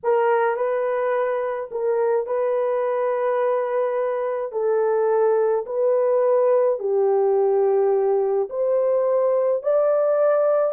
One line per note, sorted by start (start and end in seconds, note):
0.03 0.56 A#4
0.56 1.69 B4
1.71 2.26 A#4
2.26 4.52 B4
4.52 5.65 A4
5.66 6.79 B4
6.79 8.49 G4
8.49 9.62 C5
9.62 10.73 D5